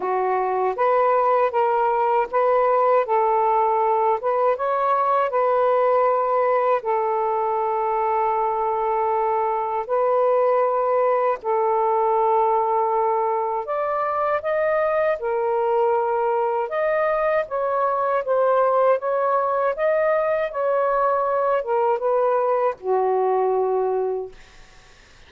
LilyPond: \new Staff \with { instrumentName = "saxophone" } { \time 4/4 \tempo 4 = 79 fis'4 b'4 ais'4 b'4 | a'4. b'8 cis''4 b'4~ | b'4 a'2.~ | a'4 b'2 a'4~ |
a'2 d''4 dis''4 | ais'2 dis''4 cis''4 | c''4 cis''4 dis''4 cis''4~ | cis''8 ais'8 b'4 fis'2 | }